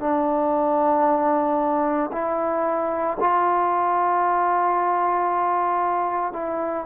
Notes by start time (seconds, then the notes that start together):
0.00 D4
2.12 E4
3.20 F4
6.33 E4